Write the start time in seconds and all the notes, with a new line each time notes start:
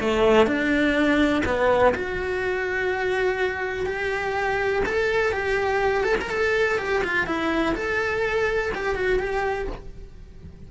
0.00 A3
0.46 D4
1.45 B3
1.95 F#4
3.86 G4
4.86 A4
5.32 G4
6.04 A4
6.20 A#4
6.29 A4
6.78 G4
7.04 F4
7.26 E4
7.75 A4
8.74 G4
8.95 F#4
9.19 G4